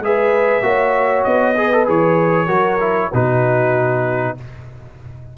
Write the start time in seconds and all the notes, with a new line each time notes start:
0.00 G#3 G#4 B4 E5
0.63 A#3 F#4 C#5
1.24 B3 D#5
1.58 G#4 B4
1.73 A4
1.86 E3 G#4 C#5
2.48 F#3 F#4 A#4
2.81 E4
3.12 B2 D#4 F#4 B4